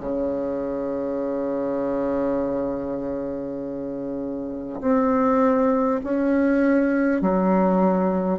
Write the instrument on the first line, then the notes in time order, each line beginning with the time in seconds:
bassoon
0.00 C#3
4.81 C4
6.04 C#4
7.21 F#3